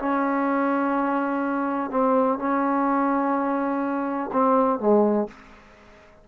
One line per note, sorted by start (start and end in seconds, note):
0.00 1.91 C#4
1.91 2.39 C4
2.39 4.31 C#4
4.33 4.80 C4
4.80 5.28 G#3